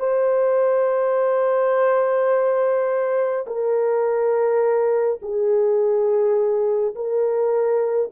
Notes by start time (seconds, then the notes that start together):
0.00 C5
3.47 A#4
5.22 G#4
6.96 A#4